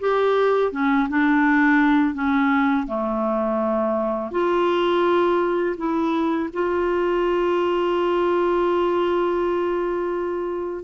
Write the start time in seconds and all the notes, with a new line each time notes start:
0.00 G4
0.72 C#4
1.09 D4
2.14 C#4
2.87 A3
4.31 F4
5.77 E4
6.53 F4